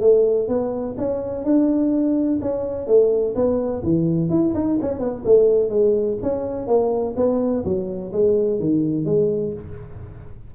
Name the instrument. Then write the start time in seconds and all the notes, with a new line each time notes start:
tuba
0.00 A3
0.48 B3
0.97 C#4
1.44 D4
2.41 C#4
2.87 A3
3.35 B3
3.83 E3
4.29 E4
4.54 D#4
4.81 C#4
4.99 B3
5.24 A3
5.69 G#3
6.22 C#4
6.67 A#3
7.16 B3
7.64 F#3
8.12 G#3
8.60 D#3
9.05 G#3